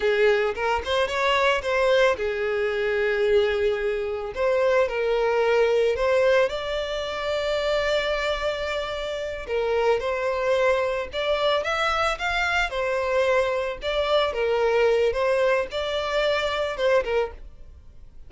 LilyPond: \new Staff \with { instrumentName = "violin" } { \time 4/4 \tempo 4 = 111 gis'4 ais'8 c''8 cis''4 c''4 | gis'1 | c''4 ais'2 c''4 | d''1~ |
d''4. ais'4 c''4.~ | c''8 d''4 e''4 f''4 c''8~ | c''4. d''4 ais'4. | c''4 d''2 c''8 ais'8 | }